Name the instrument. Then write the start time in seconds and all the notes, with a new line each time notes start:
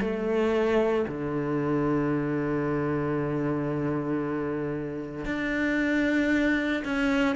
cello
0.00 A3
1.07 D3
5.25 D4
6.84 C#4